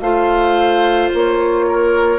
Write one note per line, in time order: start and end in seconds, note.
0.00 1.09 A3
0.00 2.19 F4
0.00 1.66 C5
0.00 1.09 F5
1.14 2.19 A#3
1.14 2.19 C#5
1.67 2.19 A#4